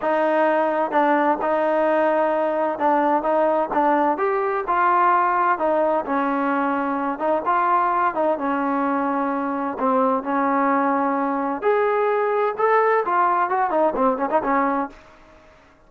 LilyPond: \new Staff \with { instrumentName = "trombone" } { \time 4/4 \tempo 4 = 129 dis'2 d'4 dis'4~ | dis'2 d'4 dis'4 | d'4 g'4 f'2 | dis'4 cis'2~ cis'8 dis'8 |
f'4. dis'8 cis'2~ | cis'4 c'4 cis'2~ | cis'4 gis'2 a'4 | f'4 fis'8 dis'8 c'8 cis'16 dis'16 cis'4 | }